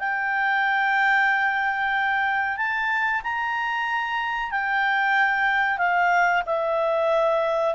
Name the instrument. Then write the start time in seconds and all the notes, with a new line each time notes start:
clarinet
0.00 G5
2.57 A5
3.24 A#5
4.51 G5
5.78 F5
6.46 E5